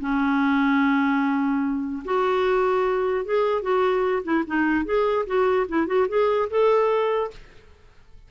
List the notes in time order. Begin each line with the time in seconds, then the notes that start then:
0.00 C#4
2.04 F#4
3.25 G#4
3.62 F#4
4.23 E4
4.46 D#4
4.85 G#4
5.26 F#4
5.68 E4
5.86 F#4
6.08 G#4
6.50 A4